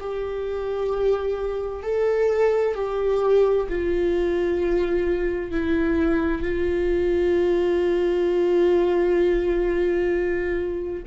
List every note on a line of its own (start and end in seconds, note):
0.00 1.83 G4
1.83 2.75 A4
2.75 3.67 G4
3.69 5.51 F4
5.51 6.42 E4
6.42 11.03 F4